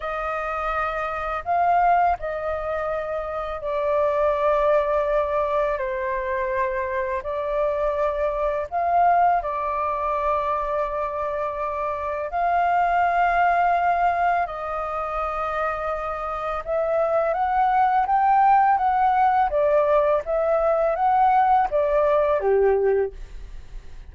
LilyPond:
\new Staff \with { instrumentName = "flute" } { \time 4/4 \tempo 4 = 83 dis''2 f''4 dis''4~ | dis''4 d''2. | c''2 d''2 | f''4 d''2.~ |
d''4 f''2. | dis''2. e''4 | fis''4 g''4 fis''4 d''4 | e''4 fis''4 d''4 g'4 | }